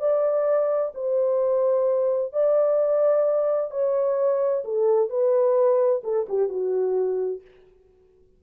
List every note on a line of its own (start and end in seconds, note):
0.00 0.92 D5
0.95 2.33 C5
2.33 3.71 D5
3.71 4.64 C#5
4.65 5.10 A4
5.10 6.03 B4
6.04 6.27 A4
6.29 6.50 G4
6.50 7.42 F#4